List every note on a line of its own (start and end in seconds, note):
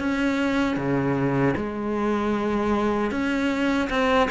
0.00 0.77 C#4
0.77 1.55 C#3
1.57 3.12 G#3
3.12 3.90 C#4
3.90 4.29 C4